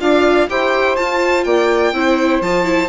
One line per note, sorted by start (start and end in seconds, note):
0.00 0.50 D4
0.00 0.48 F4
0.00 0.48 D5
0.00 0.49 F5
0.49 0.98 E4
0.49 0.97 G4
0.49 1.45 C5
0.49 0.96 G5
0.96 1.94 F4
0.96 1.45 F4
0.96 1.44 A5
1.44 1.93 A#3
1.44 1.94 D5
1.44 2.41 G5
1.93 2.41 C4
1.93 2.43 E4
1.93 2.89 C5
2.41 2.89 F3
2.41 2.64 F4
2.41 2.89 A5
2.64 2.88 E4